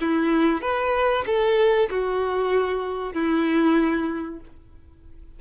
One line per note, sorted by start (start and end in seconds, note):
0.00 0.61 E4
0.61 1.24 B4
1.26 1.89 A4
1.90 3.13 F#4
3.13 4.39 E4